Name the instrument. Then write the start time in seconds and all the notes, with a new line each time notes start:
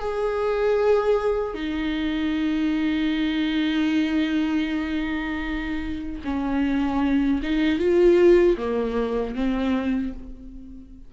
viola
0.00 G#4
1.55 D#4
6.25 C#4
7.43 D#4
7.79 F4
8.58 A#3
9.35 C4